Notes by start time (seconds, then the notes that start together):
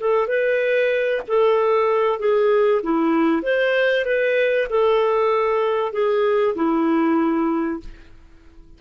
0.00 A4
0.28 B4
1.27 A4
2.19 G#4
2.83 E4
3.42 C5
4.05 B4
4.69 A4
5.92 G#4
6.55 E4